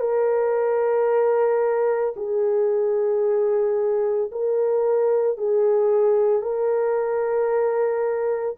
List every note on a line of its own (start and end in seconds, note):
0.00 2.14 A#4
2.17 4.31 G#4
4.32 5.38 A#4
5.38 6.42 G#4
6.42 8.57 A#4